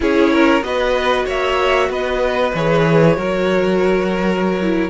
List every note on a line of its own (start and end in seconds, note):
0.00 0.62 C#4
0.00 0.61 E4
0.00 0.32 G#4
0.00 0.63 C#5
0.32 0.64 A#4
0.62 1.25 B3
0.62 2.53 F#4
0.62 1.25 B4
0.62 1.26 D#5
1.25 1.89 A#3
1.25 1.88 C#5
1.25 1.91 E5
1.89 2.52 B3
1.89 3.17 B4
1.89 2.55 D#5
2.54 3.16 E3
2.54 3.16 G#4
2.54 4.89 C#5
3.16 4.89 F#3
3.16 4.58 F#4
3.16 4.89 A#4
4.61 4.89 E4